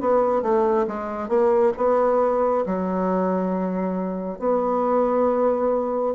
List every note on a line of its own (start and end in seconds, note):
0.00 0.42 B3
0.42 0.86 A3
0.87 1.28 G#3
1.28 1.72 A#3
1.77 2.65 B3
2.66 4.39 F#3
4.39 6.15 B3